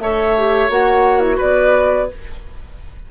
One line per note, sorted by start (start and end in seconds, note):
0.00 0.69 A3
0.00 0.37 A4
0.00 1.37 C#5
0.00 0.70 E5
0.37 0.70 G4
0.69 1.39 A#3
0.69 2.09 F#4
0.69 1.20 F#5
1.20 1.37 E4
1.37 2.11 B3
1.37 2.07 B4
1.37 2.10 D5